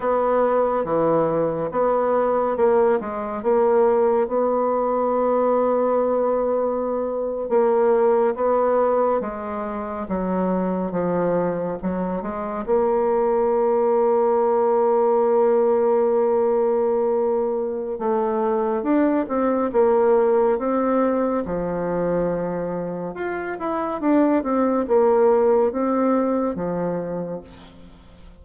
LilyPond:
\new Staff \with { instrumentName = "bassoon" } { \time 4/4 \tempo 4 = 70 b4 e4 b4 ais8 gis8 | ais4 b2.~ | b8. ais4 b4 gis4 fis16~ | fis8. f4 fis8 gis8 ais4~ ais16~ |
ais1~ | ais4 a4 d'8 c'8 ais4 | c'4 f2 f'8 e'8 | d'8 c'8 ais4 c'4 f4 | }